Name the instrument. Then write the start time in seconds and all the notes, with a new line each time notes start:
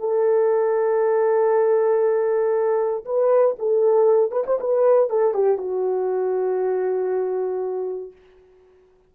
horn
0.00 A4
3.06 B4
3.59 A4
4.32 B4
4.47 C5
4.60 B4
5.10 A4
5.34 G4
5.58 F#4